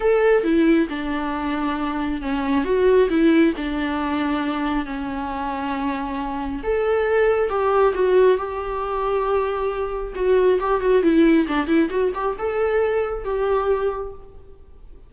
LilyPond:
\new Staff \with { instrumentName = "viola" } { \time 4/4 \tempo 4 = 136 a'4 e'4 d'2~ | d'4 cis'4 fis'4 e'4 | d'2. cis'4~ | cis'2. a'4~ |
a'4 g'4 fis'4 g'4~ | g'2. fis'4 | g'8 fis'8 e'4 d'8 e'8 fis'8 g'8 | a'2 g'2 | }